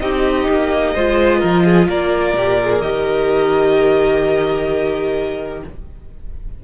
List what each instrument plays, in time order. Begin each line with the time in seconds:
0.00 cello C4, viola D#4, violin G4 D#5
0.48 cello A#3
0.93 cello G#3, viola F4, violin C5
1.39 cello F3, violin A#4
1.64 violin G#4
1.88 cello A#3, violin A#4 D5
2.33 cello A#2, viola G4
2.61 viola G#4
2.81 cello D#3, viola G4, violin D#5